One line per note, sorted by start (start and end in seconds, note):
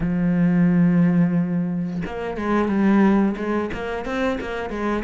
0.00 2.02 F3
2.06 2.37 A#3
2.37 2.68 G#3
2.68 3.35 G3
3.36 3.70 G#3
3.73 4.04 A#3
4.04 4.38 C4
4.40 4.70 A#3
4.70 5.03 G#3